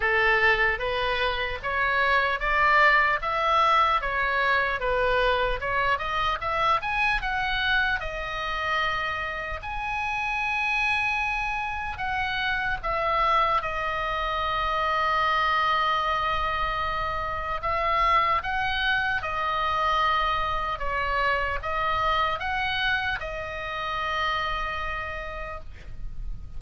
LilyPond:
\new Staff \with { instrumentName = "oboe" } { \time 4/4 \tempo 4 = 75 a'4 b'4 cis''4 d''4 | e''4 cis''4 b'4 cis''8 dis''8 | e''8 gis''8 fis''4 dis''2 | gis''2. fis''4 |
e''4 dis''2.~ | dis''2 e''4 fis''4 | dis''2 cis''4 dis''4 | fis''4 dis''2. | }